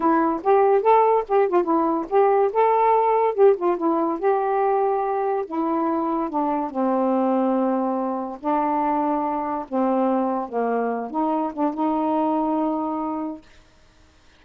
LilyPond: \new Staff \with { instrumentName = "saxophone" } { \time 4/4 \tempo 4 = 143 e'4 g'4 a'4 g'8 f'8 | e'4 g'4 a'2 | g'8 f'8 e'4 g'2~ | g'4 e'2 d'4 |
c'1 | d'2. c'4~ | c'4 ais4. dis'4 d'8 | dis'1 | }